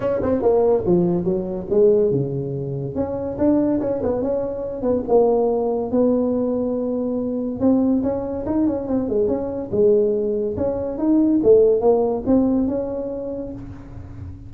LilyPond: \new Staff \with { instrumentName = "tuba" } { \time 4/4 \tempo 4 = 142 cis'8 c'8 ais4 f4 fis4 | gis4 cis2 cis'4 | d'4 cis'8 b8 cis'4. b8 | ais2 b2~ |
b2 c'4 cis'4 | dis'8 cis'8 c'8 gis8 cis'4 gis4~ | gis4 cis'4 dis'4 a4 | ais4 c'4 cis'2 | }